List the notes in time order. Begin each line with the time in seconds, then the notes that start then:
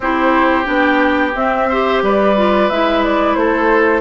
0.00 C4 E4 G4 C5
0.64 B3 D4 G5
1.35 C4 E5
1.69 G4 C5
2.02 G3 B4 D5
2.36 F4
2.69 G#3 E4 E5
3.03 D5
3.34 A3 A4 C5